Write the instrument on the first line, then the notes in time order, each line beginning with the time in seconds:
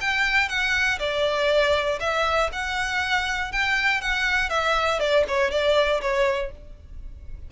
violin
0.00 G5
0.49 F#5
0.99 D5
2.00 E5
2.52 F#5
3.52 G5
4.01 F#5
4.49 E5
4.99 D5
5.28 C#5
5.50 D5
6.01 C#5